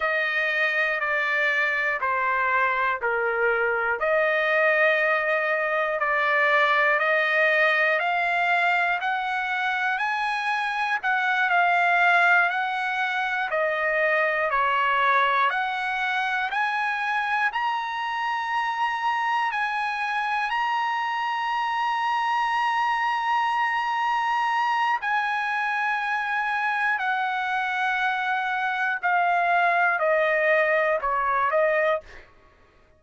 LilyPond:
\new Staff \with { instrumentName = "trumpet" } { \time 4/4 \tempo 4 = 60 dis''4 d''4 c''4 ais'4 | dis''2 d''4 dis''4 | f''4 fis''4 gis''4 fis''8 f''8~ | f''8 fis''4 dis''4 cis''4 fis''8~ |
fis''8 gis''4 ais''2 gis''8~ | gis''8 ais''2.~ ais''8~ | ais''4 gis''2 fis''4~ | fis''4 f''4 dis''4 cis''8 dis''8 | }